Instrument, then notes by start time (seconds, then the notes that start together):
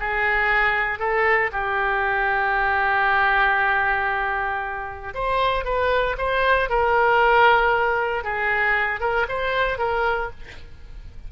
oboe
0.00 G#4
0.99 A4
1.53 G4
5.14 C5
5.64 B4
6.18 C5
6.70 A#4
8.24 G#4
9.00 A#4
9.29 C5
9.79 A#4